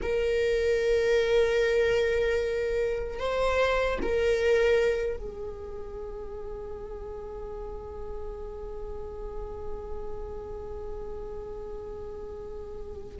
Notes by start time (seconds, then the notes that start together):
0.02 A#4
3.19 C5
4.02 A#4
5.16 G#4